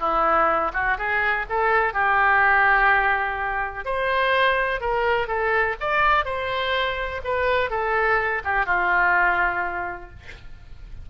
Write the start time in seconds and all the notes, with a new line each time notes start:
0.00 E4
0.74 F#4
0.98 G#4
1.49 A4
1.94 G4
3.85 C5
4.81 A#4
5.27 A4
5.80 D5
6.25 C5
7.24 B4
7.70 A4
8.44 G4
8.66 F4